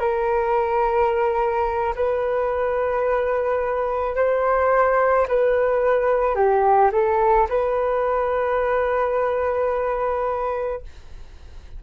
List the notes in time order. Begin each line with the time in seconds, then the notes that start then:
0.00 A#4
1.96 B4
4.16 C5
5.28 B4
6.35 G4
6.92 A4
7.49 B4